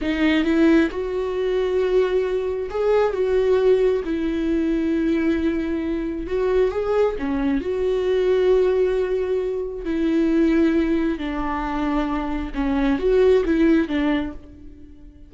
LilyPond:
\new Staff \with { instrumentName = "viola" } { \time 4/4 \tempo 4 = 134 dis'4 e'4 fis'2~ | fis'2 gis'4 fis'4~ | fis'4 e'2.~ | e'2 fis'4 gis'4 |
cis'4 fis'2.~ | fis'2 e'2~ | e'4 d'2. | cis'4 fis'4 e'4 d'4 | }